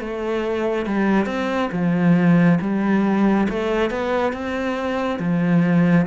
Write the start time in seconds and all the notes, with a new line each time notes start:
0.00 A3
0.87 G3
1.26 C4
1.72 F3
2.61 G3
3.49 A3
3.91 B3
4.33 C4
5.19 F3